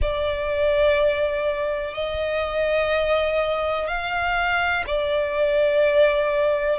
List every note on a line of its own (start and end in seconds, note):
0.01 1.94 D5
1.94 3.87 D#5
3.87 4.84 F5
4.87 6.79 D5